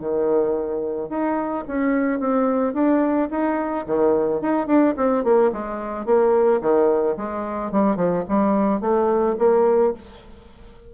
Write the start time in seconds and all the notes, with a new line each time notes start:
0.00 D#3
1.10 D#4
1.68 C#4
2.20 C4
2.74 D4
3.31 D#4
3.87 D#3
4.41 D#4
4.67 D4
4.97 C4
5.24 A#3
5.53 G#3
6.06 A#3
6.61 D#3
7.17 G#3
7.72 G3
7.96 F3
8.29 G3
8.81 A3
9.39 A#3